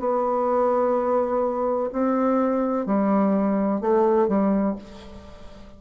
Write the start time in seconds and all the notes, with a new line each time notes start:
0.00 B3
1.93 C4
2.86 G3
3.81 A3
4.28 G3